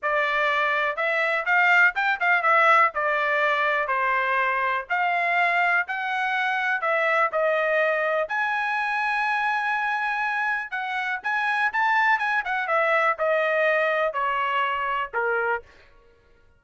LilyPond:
\new Staff \with { instrumentName = "trumpet" } { \time 4/4 \tempo 4 = 123 d''2 e''4 f''4 | g''8 f''8 e''4 d''2 | c''2 f''2 | fis''2 e''4 dis''4~ |
dis''4 gis''2.~ | gis''2 fis''4 gis''4 | a''4 gis''8 fis''8 e''4 dis''4~ | dis''4 cis''2 ais'4 | }